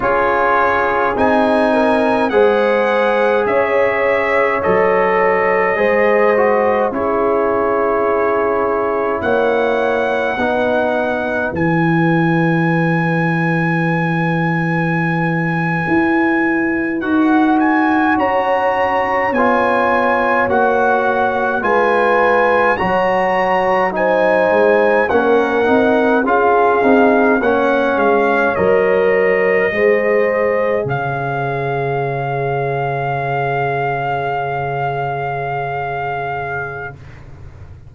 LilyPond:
<<
  \new Staff \with { instrumentName = "trumpet" } { \time 4/4 \tempo 4 = 52 cis''4 gis''4 fis''4 e''4 | dis''2 cis''2 | fis''2 gis''2~ | gis''2~ gis''8. fis''8 gis''8 ais''16~ |
ais''8. gis''4 fis''4 gis''4 ais''16~ | ais''8. gis''4 fis''4 f''4 fis''16~ | fis''16 f''8 dis''2 f''4~ f''16~ | f''1 | }
  \new Staff \with { instrumentName = "horn" } { \time 4/4 gis'4. ais'8 c''4 cis''4~ | cis''4 c''4 gis'2 | cis''4 b'2.~ | b'2.~ b'8. cis''16~ |
cis''2~ cis''8. b'4 cis''16~ | cis''8. c''4 ais'4 gis'4 cis''16~ | cis''4.~ cis''16 c''4 cis''4~ cis''16~ | cis''1 | }
  \new Staff \with { instrumentName = "trombone" } { \time 4/4 f'4 dis'4 gis'2 | a'4 gis'8 fis'8 e'2~ | e'4 dis'4 e'2~ | e'2~ e'8. fis'4~ fis'16~ |
fis'8. f'4 fis'4 f'4 fis'16~ | fis'8. dis'4 cis'8 dis'8 f'8 dis'8 cis'16~ | cis'8. ais'4 gis'2~ gis'16~ | gis'1 | }
  \new Staff \with { instrumentName = "tuba" } { \time 4/4 cis'4 c'4 gis4 cis'4 | fis4 gis4 cis'2 | ais4 b4 e2~ | e4.~ e16 e'4 dis'4 cis'16~ |
cis'8. b4 ais4 gis4 fis16~ | fis4~ fis16 gis8 ais8 c'8 cis'8 c'8 ais16~ | ais16 gis8 fis4 gis4 cis4~ cis16~ | cis1 | }
>>